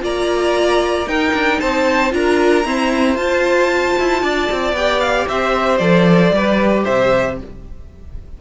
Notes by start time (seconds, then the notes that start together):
0.00 A#3 F4 D5 A#5
1.07 D#4 A#4 G5
1.34 D4
1.60 C4 C5 A5
2.11 D4 F4 A#4 A#5
2.64 C4 E4 C5
3.16 F4 A5
3.99 E4
4.22 D4 D5
4.52 C4
4.73 B3 G4 G5
5.00 F5
5.29 C4 C5 E5
5.78 F3 A4 D5
6.32 G3 G4 B4
6.84 C3 C5 E5